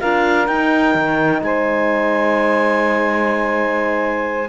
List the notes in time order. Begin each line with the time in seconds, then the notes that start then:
0.00 D4 F4 A#4 F5
0.47 D#4 G5
0.94 D#3
1.42 G#3 C5 G#5